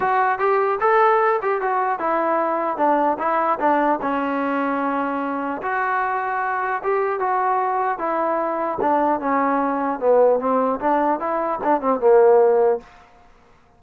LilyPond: \new Staff \with { instrumentName = "trombone" } { \time 4/4 \tempo 4 = 150 fis'4 g'4 a'4. g'8 | fis'4 e'2 d'4 | e'4 d'4 cis'2~ | cis'2 fis'2~ |
fis'4 g'4 fis'2 | e'2 d'4 cis'4~ | cis'4 b4 c'4 d'4 | e'4 d'8 c'8 ais2 | }